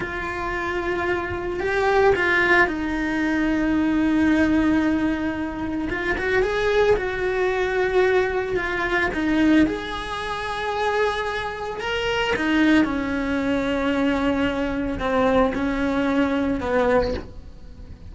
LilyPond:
\new Staff \with { instrumentName = "cello" } { \time 4/4 \tempo 4 = 112 f'2. g'4 | f'4 dis'2.~ | dis'2. f'8 fis'8 | gis'4 fis'2. |
f'4 dis'4 gis'2~ | gis'2 ais'4 dis'4 | cis'1 | c'4 cis'2 b4 | }